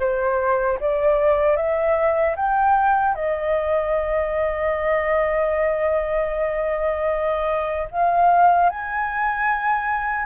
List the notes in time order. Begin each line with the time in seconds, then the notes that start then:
0.00 C5
0.80 D5
1.57 E5
2.36 G5
3.15 D#5
7.91 F5
8.70 G#5